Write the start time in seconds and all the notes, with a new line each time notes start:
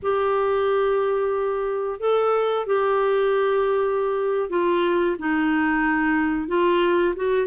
0.02 G4
1.99 A4
2.66 G4
4.49 F4
5.18 D#4
6.48 F4
7.16 F#4